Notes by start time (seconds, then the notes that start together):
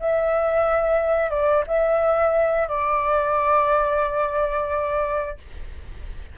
0.00 E5
1.31 D5
1.68 E5
2.68 D5